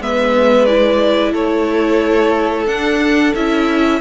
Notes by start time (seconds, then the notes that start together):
0.00 G#3 B3 B4 E5
0.65 E4 D5
1.32 A3 A4 C#5
2.67 D4 F#5
3.35 C#4 E4 E5